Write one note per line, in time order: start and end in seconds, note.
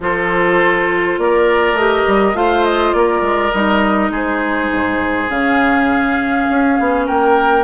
0.00 1.18 F3
0.00 1.77 F4
0.00 1.20 A4
0.00 1.19 C5
1.18 1.72 A#3
1.18 2.37 A#4
1.18 1.77 D5
1.72 2.02 A3
1.72 2.33 G4
1.72 2.35 D#5
2.07 2.34 G3
2.33 2.92 A3
2.33 3.51 F4
2.33 2.95 C5
2.33 2.64 F5
2.64 2.92 D#5
2.92 3.21 A#3
2.92 4.11 A#4
2.92 3.51 D5
3.21 3.50 G#3
3.51 4.10 G3
3.51 5.29 D#4
3.51 4.10 D#5
4.10 4.68 G#3
4.10 7.05 G#4
4.10 5.29 C5
4.71 5.29 G#2
5.29 6.47 C#3
5.29 7.63 C#4
5.29 7.06 F5
6.49 6.78 C#4
6.79 7.08 B3
7.06 7.63 A#3
7.06 7.63 A#4
7.06 7.63 G5